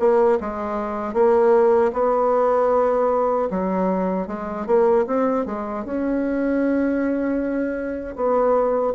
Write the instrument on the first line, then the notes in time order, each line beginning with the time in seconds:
bassoon
0.00 A#3
0.41 G#3
1.14 A#3
1.93 B3
3.51 F#3
4.28 G#3
4.67 A#3
5.07 C4
5.46 G#3
5.85 C#4
8.16 B3